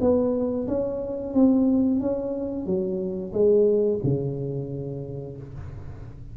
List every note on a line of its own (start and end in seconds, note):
0.00 0.67 B3
0.67 1.33 C#4
1.33 2.00 C4
2.00 2.65 C#4
2.65 3.32 F#3
3.32 3.99 G#3
4.03 5.37 C#3